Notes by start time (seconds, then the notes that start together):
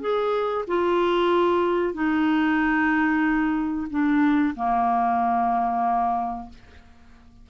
0.00 G#4
0.67 F4
1.94 D#4
3.90 D4
4.56 A#3